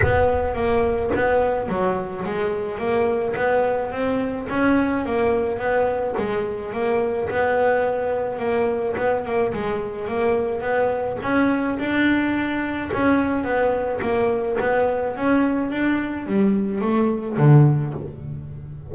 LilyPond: \new Staff \with { instrumentName = "double bass" } { \time 4/4 \tempo 4 = 107 b4 ais4 b4 fis4 | gis4 ais4 b4 c'4 | cis'4 ais4 b4 gis4 | ais4 b2 ais4 |
b8 ais8 gis4 ais4 b4 | cis'4 d'2 cis'4 | b4 ais4 b4 cis'4 | d'4 g4 a4 d4 | }